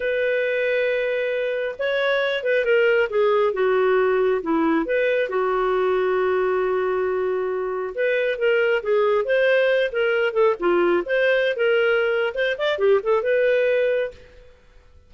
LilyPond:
\new Staff \with { instrumentName = "clarinet" } { \time 4/4 \tempo 4 = 136 b'1 | cis''4. b'8 ais'4 gis'4 | fis'2 e'4 b'4 | fis'1~ |
fis'2 b'4 ais'4 | gis'4 c''4. ais'4 a'8 | f'4 c''4~ c''16 ais'4.~ ais'16 | c''8 d''8 g'8 a'8 b'2 | }